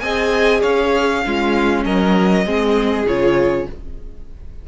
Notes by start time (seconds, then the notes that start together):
0.00 C4 G#4 D#5 G#5
0.61 C#4 C#5 F5
1.24 G#3 C#4 F4
1.85 F#3 A#4 D#5
2.45 G#3 C4 G#4
3.06 C#3 F4 C#5